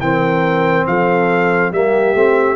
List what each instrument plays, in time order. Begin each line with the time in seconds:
0.00 tuba E3, trombone C4, horn A#4, trumpet G5
0.87 tuba F3, horn A4, trumpet F5
1.72 tuba G3, trombone A#3, horn G4, trumpet E5
2.14 tuba A3, trombone C4